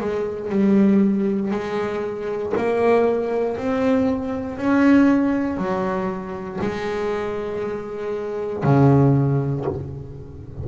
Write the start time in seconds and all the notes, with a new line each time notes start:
0.00 G#3
0.49 G3
1.51 G#3
2.57 A#3
3.57 C4
4.58 C#4
5.57 F#3
6.61 G#3
8.63 C#3